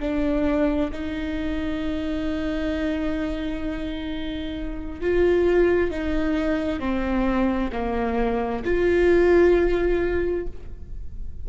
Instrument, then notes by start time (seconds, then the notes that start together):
viola
0.00 D4
0.92 D#4
5.01 F4
5.91 D#4
6.80 C4
7.72 A#3
8.65 F4